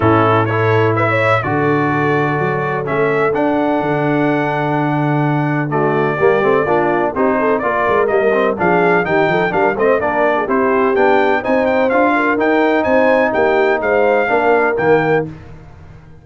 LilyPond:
<<
  \new Staff \with { instrumentName = "trumpet" } { \time 4/4 \tempo 4 = 126 a'4 cis''4 e''4 d''4~ | d''2 e''4 fis''4~ | fis''1 | d''2. c''4 |
d''4 dis''4 f''4 g''4 | f''8 dis''8 d''4 c''4 g''4 | gis''8 g''8 f''4 g''4 gis''4 | g''4 f''2 g''4 | }
  \new Staff \with { instrumentName = "horn" } { \time 4/4 e'4 a'4 b'16 cis''8. a'4~ | a'1~ | a'1 | fis'4 g'4 f'4 g'8 a'8 |
ais'2 gis'4 g'8 a'8 | ais'8 c''8 ais'8. gis'16 g'2 | c''4. ais'4. c''4 | g'4 c''4 ais'2 | }
  \new Staff \with { instrumentName = "trombone" } { \time 4/4 cis'4 e'2 fis'4~ | fis'2 cis'4 d'4~ | d'1 | a4 ais8 c'8 d'4 dis'4 |
f'4 ais8 c'8 d'4 dis'4 | d'8 c'8 d'4 e'4 d'4 | dis'4 f'4 dis'2~ | dis'2 d'4 ais4 | }
  \new Staff \with { instrumentName = "tuba" } { \time 4/4 a,2. d4~ | d4 fis4 a4 d'4 | d1~ | d4 g8 a8 ais4 c'4 |
ais8 gis8 g4 f4 dis8 f8 | g8 a8 ais4 c'4 b4 | c'4 d'4 dis'4 c'4 | ais4 gis4 ais4 dis4 | }
>>